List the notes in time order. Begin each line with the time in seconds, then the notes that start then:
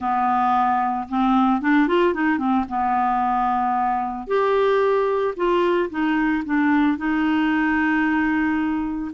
0.00 B3
1.09 C4
1.61 D4
1.87 F4
2.14 D#4
2.38 C4
2.68 B3
4.27 G4
5.36 F4
5.90 D#4
6.45 D4
6.97 D#4